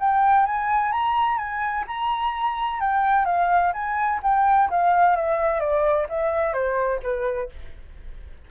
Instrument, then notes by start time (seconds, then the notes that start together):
flute
0.00 G5
0.46 G#5
0.92 A#5
1.37 G#5
1.87 A#5
2.80 G5
3.25 F5
3.73 G#5
4.23 G5
4.70 F5
5.16 E5
5.60 D5
6.09 E5
6.53 C5
7.03 B4